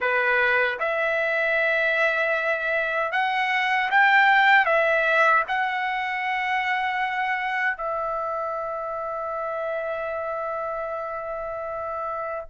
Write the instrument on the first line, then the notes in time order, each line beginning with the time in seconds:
trumpet
0.00 B4
0.79 E5
3.12 F#5
3.91 G5
4.65 E5
5.48 F#5
7.77 E5